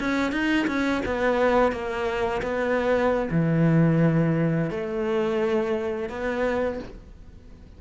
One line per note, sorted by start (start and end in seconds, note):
0.00 0.32 C#4
0.32 0.67 D#4
0.67 1.02 C#4
1.06 1.72 B3
1.72 2.42 A#3
2.42 3.29 B3
3.31 4.71 E3
4.71 6.10 A3
6.10 6.79 B3